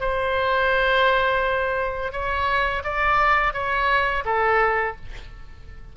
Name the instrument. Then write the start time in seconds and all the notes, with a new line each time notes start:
oboe
0.00 C5
2.12 C#5
2.84 D5
3.53 C#5
4.25 A4